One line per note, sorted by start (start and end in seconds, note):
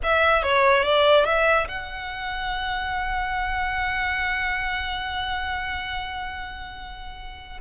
0.03 0.42 E5
0.42 0.83 C#5
0.83 1.25 D5
1.25 1.67 E5
1.68 7.59 F#5